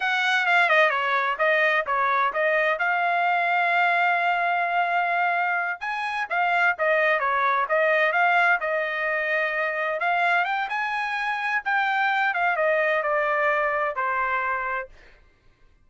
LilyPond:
\new Staff \with { instrumentName = "trumpet" } { \time 4/4 \tempo 4 = 129 fis''4 f''8 dis''8 cis''4 dis''4 | cis''4 dis''4 f''2~ | f''1~ | f''8 gis''4 f''4 dis''4 cis''8~ |
cis''8 dis''4 f''4 dis''4.~ | dis''4. f''4 g''8 gis''4~ | gis''4 g''4. f''8 dis''4 | d''2 c''2 | }